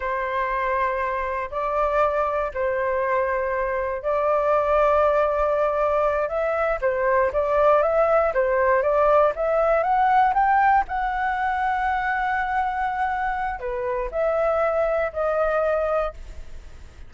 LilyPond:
\new Staff \with { instrumentName = "flute" } { \time 4/4 \tempo 4 = 119 c''2. d''4~ | d''4 c''2. | d''1~ | d''8 e''4 c''4 d''4 e''8~ |
e''8 c''4 d''4 e''4 fis''8~ | fis''8 g''4 fis''2~ fis''8~ | fis''2. b'4 | e''2 dis''2 | }